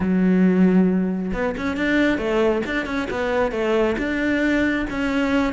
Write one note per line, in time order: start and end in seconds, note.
0.00 1.31 F#3
1.33 1.55 B3
1.57 1.76 C#4
1.76 2.18 D4
2.18 2.62 A3
2.66 2.86 D4
2.86 3.08 C#4
3.10 3.51 B3
3.51 3.95 A3
3.97 4.86 D4
4.90 5.53 C#4